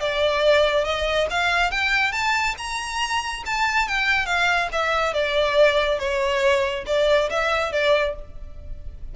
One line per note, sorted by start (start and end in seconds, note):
0.00 0.85 D5
0.85 1.27 D#5
1.30 1.71 F5
1.71 2.12 G5
2.12 2.55 A5
2.58 3.43 A#5
3.46 3.88 A5
3.88 4.26 G5
4.26 4.69 F5
4.72 5.13 E5
5.13 5.99 D5
5.99 6.85 C#5
6.86 7.29 D5
7.30 7.72 E5
7.72 8.15 D5